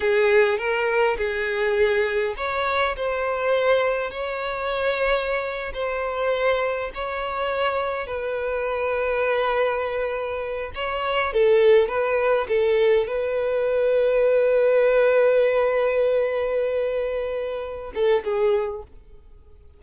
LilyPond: \new Staff \with { instrumentName = "violin" } { \time 4/4 \tempo 4 = 102 gis'4 ais'4 gis'2 | cis''4 c''2 cis''4~ | cis''4.~ cis''16 c''2 cis''16~ | cis''4.~ cis''16 b'2~ b'16~ |
b'2~ b'16 cis''4 a'8.~ | a'16 b'4 a'4 b'4.~ b'16~ | b'1~ | b'2~ b'8 a'8 gis'4 | }